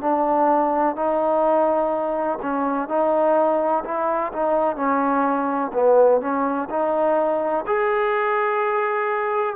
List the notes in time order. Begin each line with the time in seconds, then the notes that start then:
0.00 D4
0.95 D#4
2.42 C#4
2.88 D#4
3.84 E4
4.32 D#4
4.76 C#4
5.73 B3
6.20 C#4
6.69 D#4
7.66 G#4